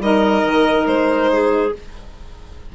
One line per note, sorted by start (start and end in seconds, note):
0.00 0.43 G3
0.00 1.73 D#4
0.00 1.31 A#4
0.00 0.87 D#5
0.44 0.87 D#3
0.87 1.72 G#3
0.87 1.73 C5
1.33 1.76 G#4